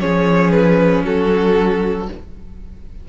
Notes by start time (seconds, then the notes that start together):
0.00 F3 C#4 G#4 C#5
0.51 B4
1.05 F#3 F#4 A4